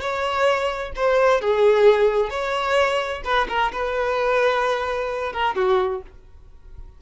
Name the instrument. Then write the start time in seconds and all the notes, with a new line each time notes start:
violin
0.00 C#5
0.95 C5
1.41 G#4
2.30 C#5
3.24 B4
3.48 A#4
3.72 B4
5.32 A#4
5.55 F#4